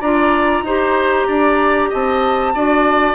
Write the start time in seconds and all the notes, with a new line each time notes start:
0.00 D4 F4 D5 A#5
0.62 D#4 G4 C5
1.27 D4 D5
1.89 C4 D#5 A5
2.54 D4 F#4 D5